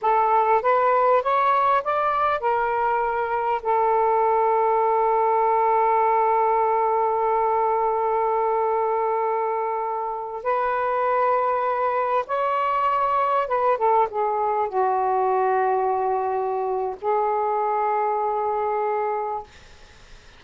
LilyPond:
\new Staff \with { instrumentName = "saxophone" } { \time 4/4 \tempo 4 = 99 a'4 b'4 cis''4 d''4 | ais'2 a'2~ | a'1~ | a'1~ |
a'4~ a'16 b'2~ b'8.~ | b'16 cis''2 b'8 a'8 gis'8.~ | gis'16 fis'2.~ fis'8. | gis'1 | }